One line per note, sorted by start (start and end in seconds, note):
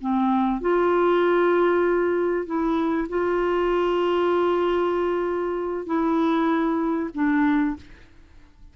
0.00 0.60 C4
0.60 2.46 F4
2.46 3.08 E4
3.08 5.86 F4
5.86 7.09 E4
7.14 7.75 D4